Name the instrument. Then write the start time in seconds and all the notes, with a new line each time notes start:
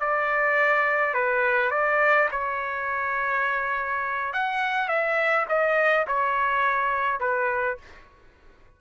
trumpet
0.00 D5
1.14 B4
1.71 D5
2.32 C#5
4.33 F#5
4.89 E5
5.49 D#5
6.08 C#5
7.20 B4